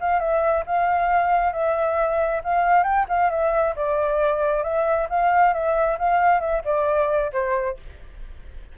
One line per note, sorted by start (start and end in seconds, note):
0.00 0.19 F5
0.19 0.64 E5
0.66 1.53 F5
1.53 2.42 E5
2.44 2.83 F5
2.83 3.05 G5
3.09 3.30 F5
3.30 3.75 E5
3.76 4.63 D5
4.63 5.08 E5
5.09 5.53 F5
5.53 5.98 E5
5.99 6.40 F5
6.40 6.62 E5
6.65 7.31 D5
7.32 7.77 C5